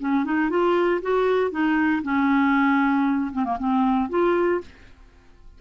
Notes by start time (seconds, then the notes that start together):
0.00 C#4
0.25 D#4
0.50 F4
1.02 F#4
1.52 D#4
2.03 C#4
3.33 C4
3.45 A#3
3.59 C4
4.10 F4